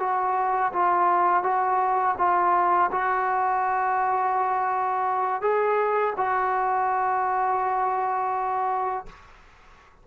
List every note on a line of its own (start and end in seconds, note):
0.00 0.72 F#4
0.73 1.43 F4
1.43 2.16 F#4
2.18 2.90 F4
2.92 5.42 F#4
5.42 6.14 G#4
6.17 9.06 F#4